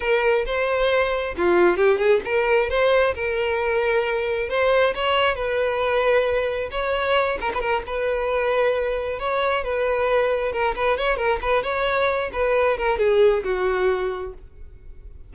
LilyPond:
\new Staff \with { instrumentName = "violin" } { \time 4/4 \tempo 4 = 134 ais'4 c''2 f'4 | g'8 gis'8 ais'4 c''4 ais'4~ | ais'2 c''4 cis''4 | b'2. cis''4~ |
cis''8 ais'16 b'16 ais'8 b'2~ b'8~ | b'8 cis''4 b'2 ais'8 | b'8 cis''8 ais'8 b'8 cis''4. b'8~ | b'8 ais'8 gis'4 fis'2 | }